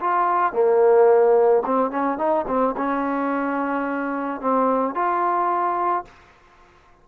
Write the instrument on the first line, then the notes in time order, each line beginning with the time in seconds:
trombone
0.00 F4
0.53 A#3
1.65 C4
1.90 C#4
2.17 D#4
2.47 C4
2.77 C#4
4.40 C4
4.94 F4